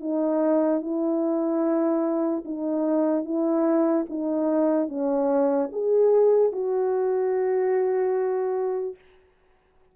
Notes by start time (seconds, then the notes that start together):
0.00 D#4
0.81 E4
2.45 D#4
3.24 E4
4.09 D#4
4.88 C#4
5.72 G#4
6.52 F#4